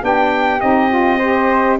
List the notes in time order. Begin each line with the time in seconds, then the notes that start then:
0.00 B3 D4 G4 G5
0.60 C4 D#4 D#5
0.89 F4
1.18 G4 C5